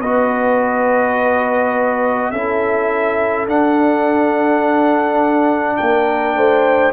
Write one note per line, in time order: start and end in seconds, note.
0.00 2.31 B3
0.00 2.34 F#4
0.00 2.31 B4
0.00 2.31 D#5
2.31 3.46 C#4
2.31 3.47 E4
2.31 5.78 A4
2.31 3.46 E5
3.46 5.77 D4
3.46 6.93 D4
3.46 5.76 F#5
5.76 6.35 A#3
5.76 6.36 A#4
5.76 6.92 G5
6.35 6.93 A3
6.35 6.93 C5